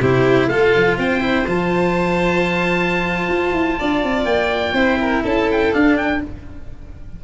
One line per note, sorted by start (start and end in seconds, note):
0.00 0.48 C3
0.00 0.51 E4
0.00 0.49 G4
0.00 0.48 C5
0.48 0.72 A3
0.48 1.21 F4
0.48 0.98 A4
0.48 0.97 F5
0.76 0.98 F3
0.98 1.46 C4
0.98 3.79 C5
0.98 1.48 G5
1.21 1.45 E4
1.47 3.28 F3
1.47 4.76 F4
1.47 4.25 A5
3.28 3.52 F4
3.52 3.76 E4
3.79 4.03 D4
3.79 4.74 D5
4.03 4.25 C4
4.25 4.73 A#3
4.25 5.23 G5
4.73 5.22 C4
4.73 5.73 E4
4.73 4.98 C5
5.01 5.23 A#4
5.23 5.73 C#4
5.23 6.21 A4
5.23 5.50 A5
5.51 5.73 G5
5.73 6.22 D4
5.73 6.24 D4
5.73 5.97 F5
5.97 6.21 G5